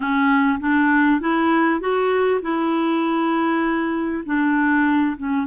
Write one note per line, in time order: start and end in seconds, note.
0.00 0.58 C#4
0.60 1.20 D4
1.20 1.80 E4
1.80 2.40 F#4
2.42 4.23 E4
4.25 5.16 D4
5.17 5.46 C#4